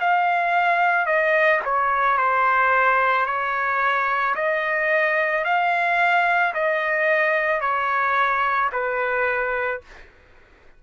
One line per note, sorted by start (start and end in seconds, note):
0.00 1.06 F5
1.06 1.60 D#5
1.65 2.18 C#5
2.18 3.26 C5
3.26 4.35 C#5
4.35 5.44 D#5
5.44 6.54 F5
6.54 7.61 D#5
7.61 8.70 C#5
8.72 9.81 B4